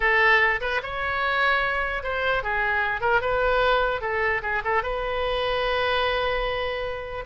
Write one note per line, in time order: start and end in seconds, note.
0.00 0.60 A4
0.61 0.81 B4
0.82 2.03 C#5
2.03 2.43 C5
2.43 3.01 G#4
3.01 3.21 A#4
3.21 4.01 B4
4.01 4.41 A4
4.42 4.62 G#4
4.64 4.82 A4
4.82 7.24 B4